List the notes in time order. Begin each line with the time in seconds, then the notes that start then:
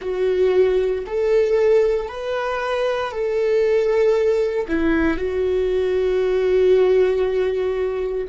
0.01 F#4
1.06 A4
2.08 B4
3.11 A4
4.67 E4
5.17 F#4